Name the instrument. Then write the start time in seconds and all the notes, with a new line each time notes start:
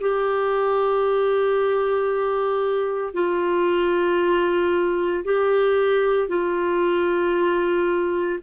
clarinet
0.00 G4
3.13 F4
5.24 G4
6.28 F4